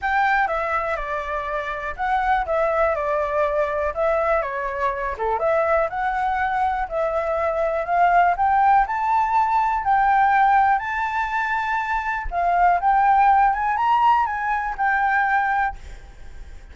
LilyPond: \new Staff \with { instrumentName = "flute" } { \time 4/4 \tempo 4 = 122 g''4 e''4 d''2 | fis''4 e''4 d''2 | e''4 cis''4. a'8 e''4 | fis''2 e''2 |
f''4 g''4 a''2 | g''2 a''2~ | a''4 f''4 g''4. gis''8 | ais''4 gis''4 g''2 | }